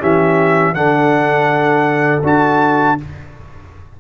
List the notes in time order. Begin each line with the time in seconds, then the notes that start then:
0.00 E3 C#4 G4 E5
0.74 D3 D4 A4 F#5
2.23 D4 F#4 A5